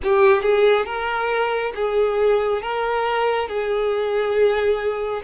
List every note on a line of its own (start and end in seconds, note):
0.03 0.42 G4
0.42 0.85 G#4
0.85 1.72 A#4
1.75 2.62 G#4
2.62 3.48 A#4
3.48 5.22 G#4